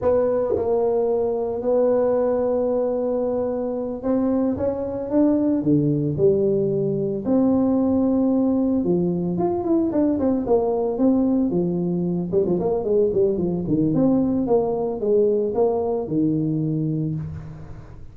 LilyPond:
\new Staff \with { instrumentName = "tuba" } { \time 4/4 \tempo 4 = 112 b4 ais2 b4~ | b2.~ b8 c'8~ | c'8 cis'4 d'4 d4 g8~ | g4. c'2~ c'8~ |
c'8 f4 f'8 e'8 d'8 c'8 ais8~ | ais8 c'4 f4. g16 f16 ais8 | gis8 g8 f8 dis8 c'4 ais4 | gis4 ais4 dis2 | }